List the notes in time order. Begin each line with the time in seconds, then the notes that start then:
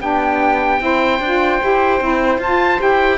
0.00 B3 D4 G4 G5
0.79 C4 E4 C5
1.19 D4 F4
1.61 E4 G4
2.00 C4 E4
2.38 F4 A5
2.44 F4
2.78 E4 G4 G5